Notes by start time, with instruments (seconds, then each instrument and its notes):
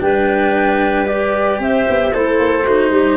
0.00 tuba G3, cello D4, clarinet B4, flute G5
1.05 cello G4, flute D5
1.59 tuba C4, clarinet C5, flute E5
1.89 tuba B3
2.13 tuba A3, clarinet E4, cello A4, flute C5
2.39 tuba A#3
2.62 tuba A3, cello D#4, clarinet F#4
2.90 tuba G3, clarinet G4